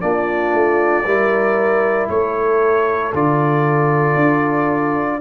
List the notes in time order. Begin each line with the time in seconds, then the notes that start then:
0.00 A#3 D4 F4 D5
0.53 A3
1.05 G3 E4 A#4
2.09 A3 A4 C#5
3.13 D3 F4 D5
4.15 D4